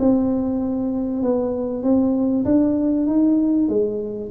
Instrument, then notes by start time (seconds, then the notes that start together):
tuba
0.00 C4
1.23 B3
1.83 C4
2.45 D4
3.07 D#4
3.69 G#3